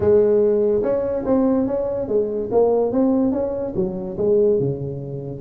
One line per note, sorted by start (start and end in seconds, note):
0.00 0.82 G#3
0.82 1.24 C#4
1.25 1.66 C4
1.66 2.07 C#4
2.07 2.49 G#3
2.51 2.92 A#3
2.92 3.31 C4
3.31 3.73 C#4
3.75 4.17 F#3
4.17 4.59 G#3
4.59 5.41 C#3